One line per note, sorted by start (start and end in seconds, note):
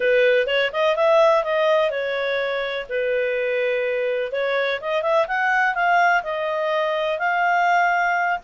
0.00 0.46 B4
0.46 0.70 C#5
0.72 0.96 D#5
0.96 1.44 E5
1.44 1.90 D#5
1.90 2.86 C#5
2.89 4.32 B4
4.32 4.80 C#5
4.80 5.02 D#5
5.02 5.26 E5
5.27 5.74 F#5
5.74 6.22 F5
6.23 7.18 D#5
7.18 8.38 F5